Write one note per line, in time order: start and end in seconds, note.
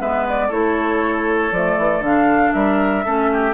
0.00 0.51 G#3
0.00 0.51 B3
0.00 0.48 B4
0.00 0.27 E5
0.29 0.52 D5
0.48 1.52 A3
0.48 1.53 E4
0.48 2.51 A4
0.48 1.52 C#5
1.52 1.77 F3
1.52 2.05 A3
1.52 2.03 D5
1.78 2.00 E3
2.00 2.50 D3
2.00 3.05 D4
2.00 2.53 F5
2.53 3.06 G3
2.53 3.05 A#4
2.53 3.54 E5
3.05 3.54 A3
3.05 3.54 C#4
3.05 3.31 A4
3.33 3.54 G4